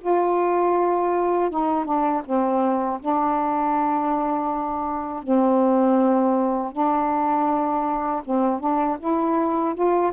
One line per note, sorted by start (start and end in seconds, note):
0.00 1.50 F4
1.50 1.84 D#4
1.84 2.22 D4
2.24 2.99 C4
3.00 5.23 D4
5.23 6.72 C4
6.72 8.22 D4
8.24 8.59 C4
8.59 8.97 D4
8.99 9.74 E4
9.74 10.11 F4